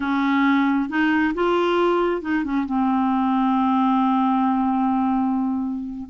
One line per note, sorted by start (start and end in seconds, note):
0.00 0.89 C#4
0.89 1.33 D#4
1.34 2.21 F4
2.21 2.44 D#4
2.44 2.65 C#4
2.65 6.09 C4